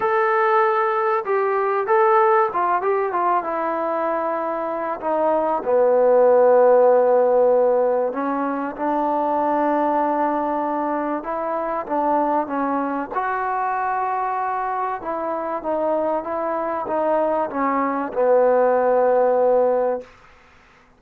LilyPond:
\new Staff \with { instrumentName = "trombone" } { \time 4/4 \tempo 4 = 96 a'2 g'4 a'4 | f'8 g'8 f'8 e'2~ e'8 | dis'4 b2.~ | b4 cis'4 d'2~ |
d'2 e'4 d'4 | cis'4 fis'2. | e'4 dis'4 e'4 dis'4 | cis'4 b2. | }